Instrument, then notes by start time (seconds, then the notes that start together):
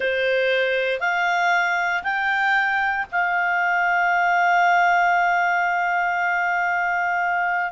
clarinet
0.00 C5
1.00 F5
2.03 G5
3.11 F5